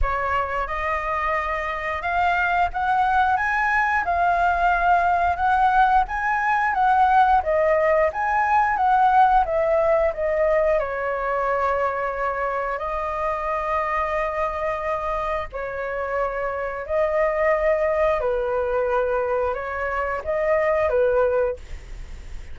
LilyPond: \new Staff \with { instrumentName = "flute" } { \time 4/4 \tempo 4 = 89 cis''4 dis''2 f''4 | fis''4 gis''4 f''2 | fis''4 gis''4 fis''4 dis''4 | gis''4 fis''4 e''4 dis''4 |
cis''2. dis''4~ | dis''2. cis''4~ | cis''4 dis''2 b'4~ | b'4 cis''4 dis''4 b'4 | }